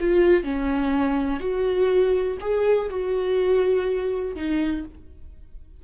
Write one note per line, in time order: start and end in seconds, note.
0.00 0.44 F4
0.44 1.40 C#4
1.40 2.38 F#4
2.41 2.90 G#4
2.90 4.35 F#4
4.35 4.84 D#4